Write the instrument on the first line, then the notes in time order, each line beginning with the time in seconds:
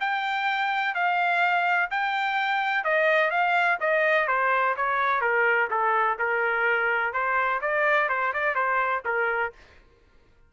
trumpet
0.00 G5
0.94 F5
1.90 G5
2.84 D#5
3.31 F5
3.80 D#5
4.27 C5
4.76 C#5
5.21 A#4
5.70 A4
6.18 A#4
7.13 C5
7.61 D5
8.09 C5
8.33 D5
8.55 C5
9.05 A#4